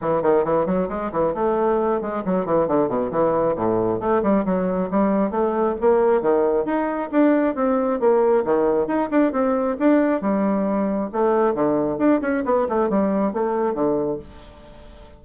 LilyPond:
\new Staff \with { instrumentName = "bassoon" } { \time 4/4 \tempo 4 = 135 e8 dis8 e8 fis8 gis8 e8 a4~ | a8 gis8 fis8 e8 d8 b,8 e4 | a,4 a8 g8 fis4 g4 | a4 ais4 dis4 dis'4 |
d'4 c'4 ais4 dis4 | dis'8 d'8 c'4 d'4 g4~ | g4 a4 d4 d'8 cis'8 | b8 a8 g4 a4 d4 | }